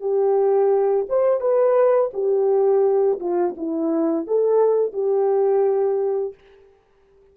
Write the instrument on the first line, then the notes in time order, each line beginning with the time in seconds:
horn
0.00 G4
1.09 C5
1.40 B4
2.13 G4
3.20 F4
3.57 E4
4.27 A4
4.93 G4